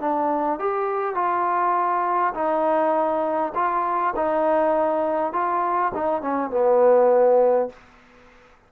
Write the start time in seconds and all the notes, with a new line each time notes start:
0.00 D4
0.59 G4
1.14 F4
2.34 D#4
3.55 F4
4.16 D#4
5.32 F4
5.94 D#4
6.21 C#4
6.50 B3